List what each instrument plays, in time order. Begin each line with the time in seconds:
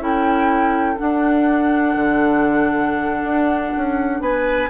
0.00 bassoon C#4, clarinet E4, oboe A4, flute G5
0.97 clarinet D4, bassoon D4, flute F#5
1.96 bassoon D3
3.24 bassoon D4
3.77 bassoon C#4
4.21 bassoon B3, oboe B4, flute G#5